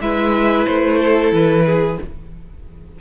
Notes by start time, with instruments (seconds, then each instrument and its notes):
0.00 cello G#3, viola E4, violin B4 E5
0.66 cello A3, violin C5
0.99 violin A4
1.32 cello E3, violin B4
1.65 violin G#4